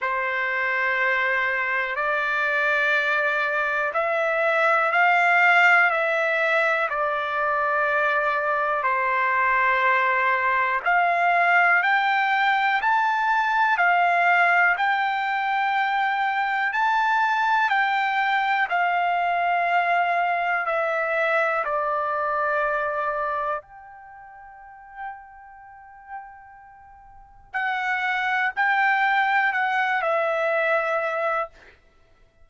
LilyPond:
\new Staff \with { instrumentName = "trumpet" } { \time 4/4 \tempo 4 = 61 c''2 d''2 | e''4 f''4 e''4 d''4~ | d''4 c''2 f''4 | g''4 a''4 f''4 g''4~ |
g''4 a''4 g''4 f''4~ | f''4 e''4 d''2 | g''1 | fis''4 g''4 fis''8 e''4. | }